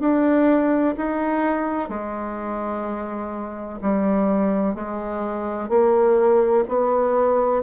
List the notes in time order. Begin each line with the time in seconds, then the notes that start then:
0.00 D4
0.97 D#4
1.89 G#3
3.82 G3
4.74 G#3
5.69 A#3
6.68 B3